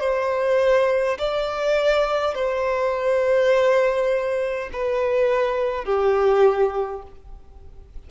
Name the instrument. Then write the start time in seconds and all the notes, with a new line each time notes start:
violin
0.00 C5
1.18 D5
2.34 C5
4.73 B4
5.84 G4